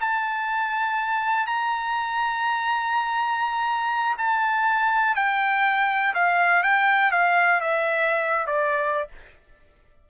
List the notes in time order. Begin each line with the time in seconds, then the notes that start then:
0.00 A5
1.47 A#5
4.18 A5
5.15 G5
6.14 F5
6.63 G5
7.11 F5
7.61 E5
8.47 D5